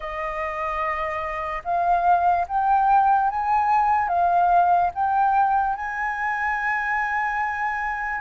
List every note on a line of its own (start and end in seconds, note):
0.00 1.62 D#5
1.64 2.46 F5
2.48 3.30 G5
3.30 4.08 G#5
4.08 4.90 F5
4.94 5.75 G5
5.75 8.21 G#5